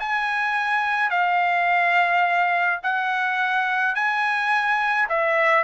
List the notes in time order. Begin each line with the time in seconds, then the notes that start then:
0.00 G#5
1.11 F5
2.83 F#5
3.95 G#5
5.09 E5